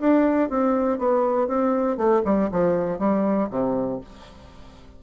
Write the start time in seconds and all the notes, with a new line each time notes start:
0.00 D4
0.50 C4
0.99 B3
1.48 C4
1.97 A3
2.25 G3
2.52 F3
2.99 G3
3.51 C3